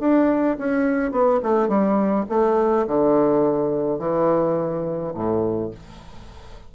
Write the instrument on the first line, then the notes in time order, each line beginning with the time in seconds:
bassoon
0.00 D4
0.58 C#4
1.12 B3
1.43 A3
1.68 G3
2.29 A3
2.88 D3
3.99 E3
5.14 A2